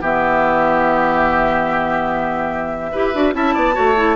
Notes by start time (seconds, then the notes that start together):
0.00 E3 B3 G4 E5
2.91 E4 G4 B4
3.14 D4 F#4
3.32 C#4 E4 E5 A5
3.54 B3 D5
3.73 A3 F#4 C#5
3.96 E4